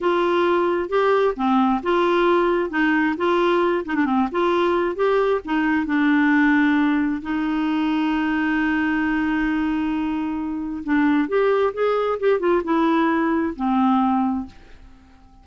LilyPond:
\new Staff \with { instrumentName = "clarinet" } { \time 4/4 \tempo 4 = 133 f'2 g'4 c'4 | f'2 dis'4 f'4~ | f'8 dis'16 d'16 c'8 f'4. g'4 | dis'4 d'2. |
dis'1~ | dis'1 | d'4 g'4 gis'4 g'8 f'8 | e'2 c'2 | }